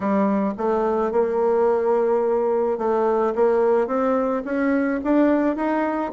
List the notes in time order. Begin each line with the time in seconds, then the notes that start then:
0.00 G3
0.57 A3
1.11 A#3
2.78 A3
3.35 A#3
3.87 C4
4.44 C#4
5.04 D4
5.56 D#4